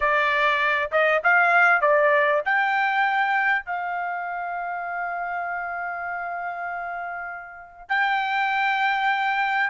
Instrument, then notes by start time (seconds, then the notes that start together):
trumpet
0.00 D5
0.91 D#5
1.23 F5
1.81 D5
2.45 G5
3.65 F5
7.88 G5